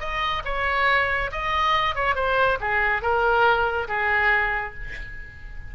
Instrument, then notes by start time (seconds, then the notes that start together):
oboe
0.00 D#5
0.45 C#5
1.32 D#5
1.95 C#5
2.15 C5
2.60 G#4
3.02 A#4
3.88 G#4